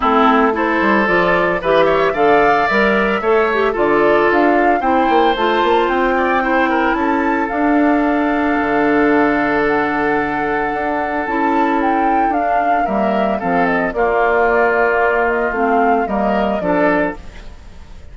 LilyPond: <<
  \new Staff \with { instrumentName = "flute" } { \time 4/4 \tempo 4 = 112 a'4 c''4 d''4 e''4 | f''4 e''2 d''4 | f''4 g''4 a''4 g''4~ | g''4 a''4 f''2~ |
f''2 fis''2~ | fis''4 a''4 g''4 f''4 | e''4 f''8 dis''8 d''2~ | d''8 dis''8 f''4 dis''4 d''4 | }
  \new Staff \with { instrumentName = "oboe" } { \time 4/4 e'4 a'2 b'8 cis''8 | d''2 cis''4 a'4~ | a'4 c''2~ c''8 d''8 | c''8 ais'8 a'2.~ |
a'1~ | a'1 | ais'4 a'4 f'2~ | f'2 ais'4 a'4 | }
  \new Staff \with { instrumentName = "clarinet" } { \time 4/4 c'4 e'4 f'4 g'4 | a'4 ais'4 a'8 g'8 f'4~ | f'4 e'4 f'2 | e'2 d'2~ |
d'1~ | d'4 e'2 d'4 | ais4 c'4 ais2~ | ais4 c'4 ais4 d'4 | }
  \new Staff \with { instrumentName = "bassoon" } { \time 4/4 a4. g8 f4 e4 | d4 g4 a4 d4 | d'4 c'8 ais8 a8 ais8 c'4~ | c'4 cis'4 d'2 |
d1 | d'4 cis'2 d'4 | g4 f4 ais2~ | ais4 a4 g4 f4 | }
>>